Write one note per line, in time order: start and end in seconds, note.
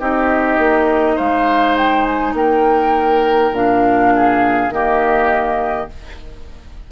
0.00 0.59 C4
0.00 3.53 D#4
0.00 1.16 G4
0.00 1.18 D#5
0.59 1.17 A#3
1.16 2.34 G#3
1.16 2.33 C5
1.16 1.77 F5
1.77 2.05 G5
2.05 2.35 G#5
2.34 3.51 A#3
2.34 4.14 A#4
2.34 3.54 G5
3.52 4.69 A#2
3.52 4.71 D4
3.52 4.72 F5
4.15 4.74 G#4
4.69 5.87 D#3
4.69 5.89 A#3
4.69 5.92 G4
4.69 5.89 D#5